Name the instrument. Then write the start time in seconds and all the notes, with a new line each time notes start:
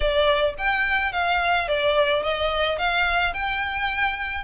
violin
0.00 D5
0.58 G5
1.12 F5
1.68 D5
2.22 D#5
2.78 F5
3.33 G5